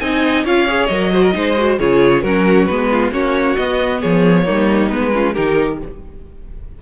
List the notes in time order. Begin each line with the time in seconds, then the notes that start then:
0.00 C4 D#4 D#5 G#5
0.45 C#4 F4 C#5 F5
0.67 G#4
0.86 F#3 A#4 D#5
1.12 F#4 C5
1.22 A#4
1.33 G#3 D#4 C5
1.57 F#4
1.79 C#3 F4 G#4 C#5
2.22 F#3 C#4 F#4 A#4
2.65 G#3 B3 B4
2.91 F4
3.11 A#3 C#4 F#4 C#5
3.56 B3 D#5
4.01 F3 G#4 C#5
4.45 G3 A#3 D#4
4.89 G#3 B3 B4
5.13 C#4 F4
5.34 D#3 D#4 G4 A#4